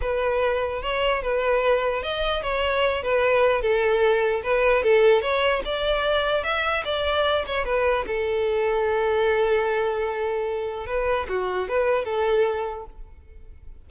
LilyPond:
\new Staff \with { instrumentName = "violin" } { \time 4/4 \tempo 4 = 149 b'2 cis''4 b'4~ | b'4 dis''4 cis''4. b'8~ | b'4 a'2 b'4 | a'4 cis''4 d''2 |
e''4 d''4. cis''8 b'4 | a'1~ | a'2. b'4 | fis'4 b'4 a'2 | }